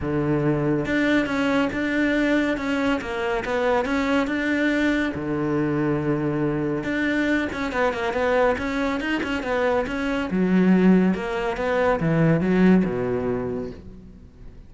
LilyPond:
\new Staff \with { instrumentName = "cello" } { \time 4/4 \tempo 4 = 140 d2 d'4 cis'4 | d'2 cis'4 ais4 | b4 cis'4 d'2 | d1 |
d'4. cis'8 b8 ais8 b4 | cis'4 dis'8 cis'8 b4 cis'4 | fis2 ais4 b4 | e4 fis4 b,2 | }